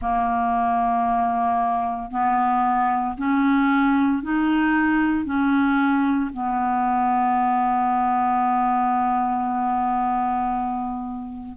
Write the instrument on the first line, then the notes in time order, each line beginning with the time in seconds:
clarinet
0.01 A#3
2.11 B3
3.17 C#4
4.22 D#4
5.25 C#4
6.32 B3